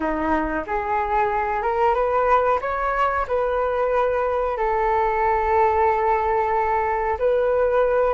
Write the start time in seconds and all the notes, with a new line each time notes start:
0.00 D#4
0.66 G#4
1.62 A#4
1.94 B4
2.61 C#5
3.27 B4
4.57 A4
7.19 B4